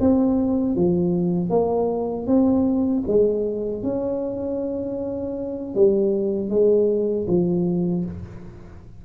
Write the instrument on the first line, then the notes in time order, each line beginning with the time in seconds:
tuba
0.00 C4
0.76 F3
1.50 A#3
2.27 C4
3.07 G#3
3.83 C#4
5.75 G3
6.50 G#3
7.28 F3